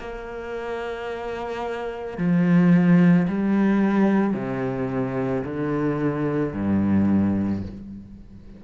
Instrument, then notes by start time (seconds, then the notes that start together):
cello
0.00 A#3
2.18 F3
3.28 G3
4.34 C3
5.44 D3
6.54 G2